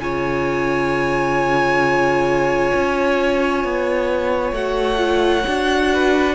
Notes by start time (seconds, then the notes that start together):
0.00 C#3 F4 C#5 G#5
2.75 C#4
3.65 B3
4.53 A3 F#4 F#5
4.97 F4
5.48 D4 F#4
5.93 B4